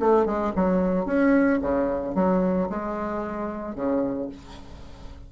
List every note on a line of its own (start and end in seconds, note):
0.00 0.26 A3
0.26 0.53 G#3
0.56 1.06 F#3
1.06 1.59 C#4
1.62 2.15 C#3
2.15 2.69 F#3
2.70 3.75 G#3
3.75 4.29 C#3